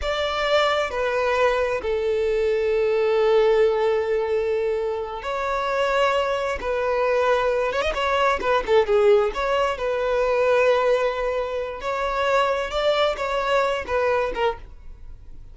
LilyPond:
\new Staff \with { instrumentName = "violin" } { \time 4/4 \tempo 4 = 132 d''2 b'2 | a'1~ | a'2.~ a'8 cis''8~ | cis''2~ cis''8 b'4.~ |
b'4 cis''16 dis''16 cis''4 b'8 a'8 gis'8~ | gis'8 cis''4 b'2~ b'8~ | b'2 cis''2 | d''4 cis''4. b'4 ais'8 | }